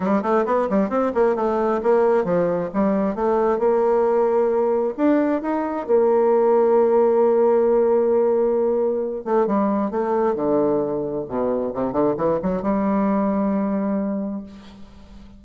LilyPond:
\new Staff \with { instrumentName = "bassoon" } { \time 4/4 \tempo 4 = 133 g8 a8 b8 g8 c'8 ais8 a4 | ais4 f4 g4 a4 | ais2. d'4 | dis'4 ais2.~ |
ais1~ | ais8 a8 g4 a4 d4~ | d4 b,4 c8 d8 e8 fis8 | g1 | }